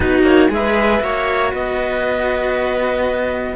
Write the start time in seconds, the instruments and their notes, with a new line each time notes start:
0.00 cello B3 D#4, viola F#4, clarinet B4
0.22 cello A#3, clarinet C#5
0.48 cello G#3 G#4, clarinet E5
0.55 viola B4
0.99 cello A#3 F#4, viola C#5
1.51 cello B3, viola B4, clarinet D#5